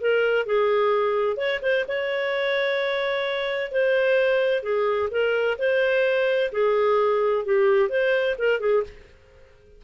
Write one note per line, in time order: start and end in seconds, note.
0.00 0.46 A#4
0.46 1.37 G#4
1.37 1.60 C#5
1.62 1.85 C5
1.88 3.71 C#5
3.71 4.62 C5
4.62 5.09 G#4
5.11 5.57 A#4
5.58 6.51 C5
6.52 7.45 G#4
7.45 7.89 G4
7.89 8.35 C5
8.38 8.60 A#4
8.60 8.83 G#4